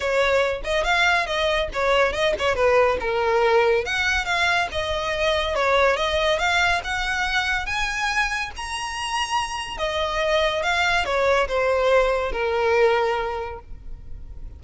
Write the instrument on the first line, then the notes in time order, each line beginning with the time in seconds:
violin
0.00 C#5
0.64 D#5
0.83 F5
1.26 D#5
1.73 C#5
2.13 D#5
2.38 C#5
2.55 B4
3.00 A#4
3.85 F#5
4.25 F5
4.71 D#5
5.55 C#5
5.96 D#5
6.38 F5
6.84 F#5
7.65 G#5
8.56 A#5
9.77 D#5
10.63 F5
11.05 C#5
11.48 C5
12.32 A#4